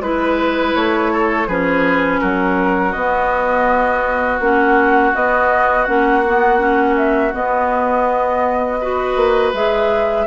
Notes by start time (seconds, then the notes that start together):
0.00 G#3 E4 B4
0.75 A3 C#5
1.12 A4
1.47 F3 C#4 G#4 B4
2.20 F#3 F#4 A#4
2.92 B3 D#5
4.39 A#3 C#4 F#5
5.14 B3 D#5
5.84 A#3 C#4 F#5
6.26 B3
6.58 C#4
6.96 E5
7.33 B3 D#5
8.80 F#4 B4
9.16 A#3
9.53 G#3 G#4 E5